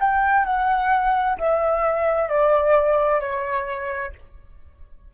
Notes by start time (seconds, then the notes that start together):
0.00 G5
0.45 F#5
1.38 E5
2.29 D5
3.21 C#5